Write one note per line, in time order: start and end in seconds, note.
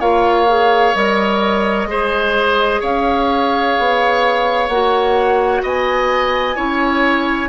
0.00 0.94 A#3
0.00 0.47 F4
0.00 1.88 C#5
0.00 0.95 F5
0.47 0.94 G#4
0.94 1.86 G3
0.94 1.88 A#4
0.94 2.83 D#5
1.86 2.79 G#3
1.86 4.70 G#4
1.86 2.81 C5
2.81 3.77 C#4
2.81 5.62 C#5
2.81 4.69 F5
3.79 4.69 B3
4.69 5.63 A#3
4.69 6.56 F#4
4.69 5.62 F#5
5.63 6.57 B3
5.63 6.56 D#5
5.63 7.50 G#5
6.56 7.50 C#4
6.56 7.50 E4
6.56 7.50 C#5